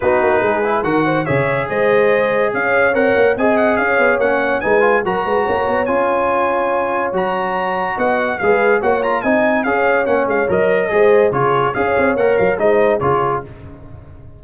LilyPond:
<<
  \new Staff \with { instrumentName = "trumpet" } { \time 4/4 \tempo 4 = 143 b'2 fis''4 e''4 | dis''2 f''4 fis''4 | gis''8 fis''8 f''4 fis''4 gis''4 | ais''2 gis''2~ |
gis''4 ais''2 fis''4 | f''4 fis''8 ais''8 gis''4 f''4 | fis''8 f''8 dis''2 cis''4 | f''4 fis''8 f''8 dis''4 cis''4 | }
  \new Staff \with { instrumentName = "horn" } { \time 4/4 fis'4 gis'4 ais'8 c''8 cis''4 | c''2 cis''2 | dis''4 cis''2 b'4 | ais'8 b'8 cis''2.~ |
cis''2. dis''4 | b'4 cis''4 dis''4 cis''4~ | cis''2 c''4 gis'4 | cis''2 c''4 gis'4 | }
  \new Staff \with { instrumentName = "trombone" } { \time 4/4 dis'4. e'8 fis'4 gis'4~ | gis'2. ais'4 | gis'2 cis'4 dis'8 f'8 | fis'2 f'2~ |
f'4 fis'2. | gis'4 fis'8 f'8 dis'4 gis'4 | cis'4 ais'4 gis'4 f'4 | gis'4 ais'4 dis'4 f'4 | }
  \new Staff \with { instrumentName = "tuba" } { \time 4/4 b8 ais8 gis4 dis4 cis4 | gis2 cis'4 c'8 ais8 | c'4 cis'8 b8 ais4 gis4 | fis8 gis8 ais8 b8 cis'2~ |
cis'4 fis2 b4 | gis4 ais4 c'4 cis'4 | ais8 gis8 fis4 gis4 cis4 | cis'8 c'8 ais8 fis8 gis4 cis4 | }
>>